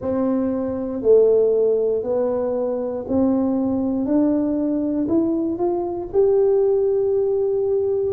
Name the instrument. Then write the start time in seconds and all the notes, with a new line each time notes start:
tuba
0.01 C4
1.02 A3
2.03 B3
3.07 C4
4.05 D4
5.08 E4
5.57 F4
6.12 G4